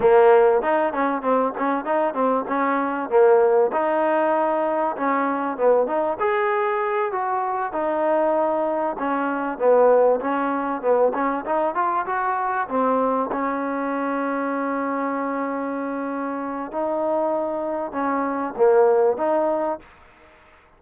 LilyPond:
\new Staff \with { instrumentName = "trombone" } { \time 4/4 \tempo 4 = 97 ais4 dis'8 cis'8 c'8 cis'8 dis'8 c'8 | cis'4 ais4 dis'2 | cis'4 b8 dis'8 gis'4. fis'8~ | fis'8 dis'2 cis'4 b8~ |
b8 cis'4 b8 cis'8 dis'8 f'8 fis'8~ | fis'8 c'4 cis'2~ cis'8~ | cis'2. dis'4~ | dis'4 cis'4 ais4 dis'4 | }